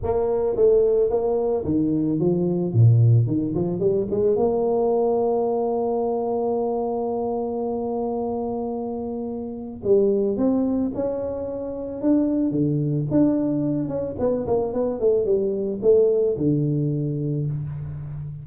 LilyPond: \new Staff \with { instrumentName = "tuba" } { \time 4/4 \tempo 4 = 110 ais4 a4 ais4 dis4 | f4 ais,4 dis8 f8 g8 gis8 | ais1~ | ais1~ |
ais2 g4 c'4 | cis'2 d'4 d4 | d'4. cis'8 b8 ais8 b8 a8 | g4 a4 d2 | }